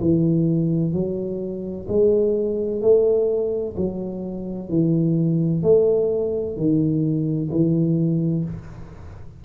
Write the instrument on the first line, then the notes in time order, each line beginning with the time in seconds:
tuba
0.00 E3
0.93 F#3
1.88 G#3
2.81 A3
3.76 F#3
4.69 E3
5.62 A3
6.56 D#3
7.51 E3